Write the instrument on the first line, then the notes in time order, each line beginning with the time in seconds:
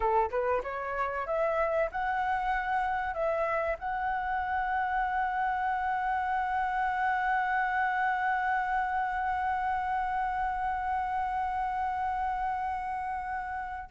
flute
0.00 A4
0.30 B4
0.63 C#5
1.26 E5
1.91 F#5
3.13 E5
3.78 F#5